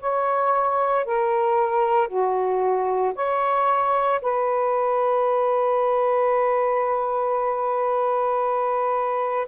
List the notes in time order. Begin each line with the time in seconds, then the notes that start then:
0.00 C#5
1.05 A#4
2.08 F#4
3.15 C#5
4.22 B4